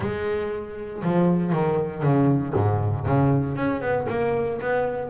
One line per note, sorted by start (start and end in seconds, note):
0.00 1.02 G#3
1.02 1.52 F3
1.52 2.02 D#3
2.02 2.53 C#3
2.55 3.05 G#2
3.05 3.55 C#3
3.55 3.81 C#4
3.81 4.06 B3
4.09 4.60 A#3
4.60 5.09 B3